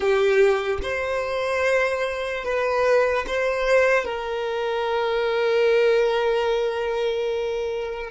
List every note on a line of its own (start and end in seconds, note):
0.00 0.79 G4
0.82 2.44 C5
2.44 3.25 B4
3.27 4.05 C5
4.05 8.10 A#4